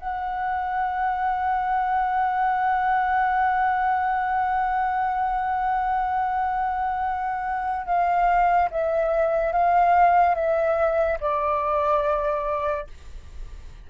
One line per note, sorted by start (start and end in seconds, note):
0.00 7.86 F#5
7.86 8.70 F5
8.71 9.53 E5
9.53 10.35 F5
10.35 11.19 E5
11.21 12.87 D5